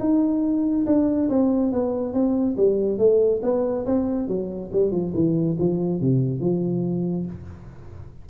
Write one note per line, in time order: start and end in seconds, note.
0.00 0.86 D#4
0.86 1.29 D4
1.29 1.72 C4
1.72 2.14 B3
2.14 2.56 C4
2.57 2.98 G3
2.98 3.41 A3
3.43 3.86 B3
3.86 4.28 C4
4.28 4.71 F#3
4.73 4.92 G3
4.92 5.13 F3
5.14 5.57 E3
5.59 6.01 F3
6.01 6.41 C3
6.41 7.26 F3